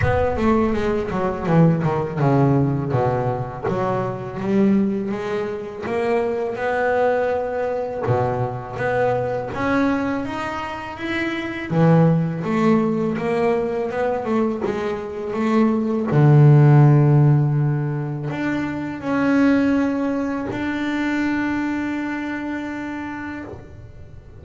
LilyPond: \new Staff \with { instrumentName = "double bass" } { \time 4/4 \tempo 4 = 82 b8 a8 gis8 fis8 e8 dis8 cis4 | b,4 fis4 g4 gis4 | ais4 b2 b,4 | b4 cis'4 dis'4 e'4 |
e4 a4 ais4 b8 a8 | gis4 a4 d2~ | d4 d'4 cis'2 | d'1 | }